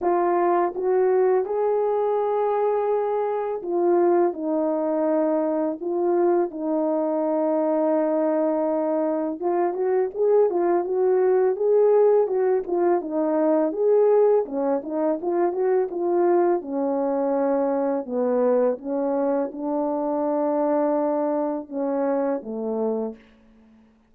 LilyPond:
\new Staff \with { instrumentName = "horn" } { \time 4/4 \tempo 4 = 83 f'4 fis'4 gis'2~ | gis'4 f'4 dis'2 | f'4 dis'2.~ | dis'4 f'8 fis'8 gis'8 f'8 fis'4 |
gis'4 fis'8 f'8 dis'4 gis'4 | cis'8 dis'8 f'8 fis'8 f'4 cis'4~ | cis'4 b4 cis'4 d'4~ | d'2 cis'4 a4 | }